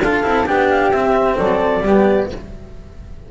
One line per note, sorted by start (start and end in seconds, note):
0.00 0.23 D4
0.00 0.23 F4
0.00 0.46 A4
0.00 0.45 F5
0.23 0.47 C4
0.23 0.45 E4
0.45 0.90 B3
0.45 0.92 D4
0.45 1.37 G4
0.45 0.68 G5
0.69 0.91 F5
0.90 1.36 C4
0.90 1.84 C4
0.90 1.36 E5
1.37 1.79 F#3
1.37 1.84 A4
1.37 2.28 D5
1.79 2.25 G3
1.79 2.31 B3
1.79 2.31 G4